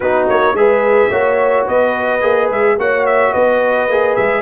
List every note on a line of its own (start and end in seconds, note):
0.00 0.28 B3
0.00 0.56 D#4
0.00 0.55 F#4
0.00 0.28 B4
0.28 0.53 A#3
0.28 0.56 C#5
0.53 1.09 G#3
0.53 1.11 G#4
0.53 1.09 B4
0.53 1.67 E5
1.09 1.66 A#3
1.09 2.21 F#4
1.09 1.65 C#5
1.65 2.22 B3
1.65 2.76 B4
1.65 2.50 D#5
2.21 2.50 A#3
2.21 2.76 G#4
2.50 2.77 G#3
2.50 2.79 E5
2.77 3.33 A#3
2.77 3.90 F#4
2.77 3.31 C#5
2.77 3.06 F#5
3.06 3.33 E5
3.31 3.88 B3
3.31 4.41 B4
3.31 4.16 D#5
3.88 4.16 A#3
3.88 4.41 G#4
4.16 4.41 G#3
4.16 4.41 E5